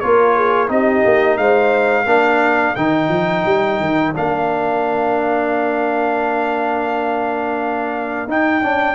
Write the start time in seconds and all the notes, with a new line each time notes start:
0.00 A#3 F4 A#4 C#5
0.36 G#4
0.68 C4 D#4 G4 D#5
1.05 A#3
1.37 G#3 C5 F5
2.06 A#3 D4 A#4
2.75 D#3 D#4 G5
3.09 F3
3.45 G3
3.80 D#3
4.15 A#3 D4 F5
8.27 D#4 G5
8.61 C#4 D4